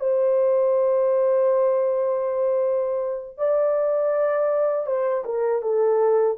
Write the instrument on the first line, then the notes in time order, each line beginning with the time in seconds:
horn
0.00 C5
3.38 D5
4.86 C5
5.25 A#4
5.62 A4